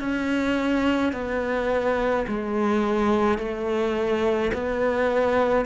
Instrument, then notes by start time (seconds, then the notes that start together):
cello
0.00 C#4
1.13 B3
2.27 G#3
3.38 A3
4.53 B3